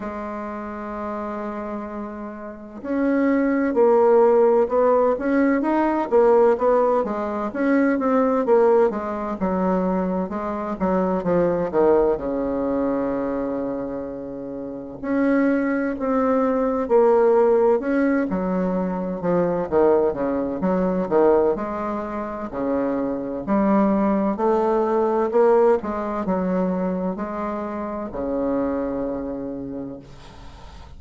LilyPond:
\new Staff \with { instrumentName = "bassoon" } { \time 4/4 \tempo 4 = 64 gis2. cis'4 | ais4 b8 cis'8 dis'8 ais8 b8 gis8 | cis'8 c'8 ais8 gis8 fis4 gis8 fis8 | f8 dis8 cis2. |
cis'4 c'4 ais4 cis'8 fis8~ | fis8 f8 dis8 cis8 fis8 dis8 gis4 | cis4 g4 a4 ais8 gis8 | fis4 gis4 cis2 | }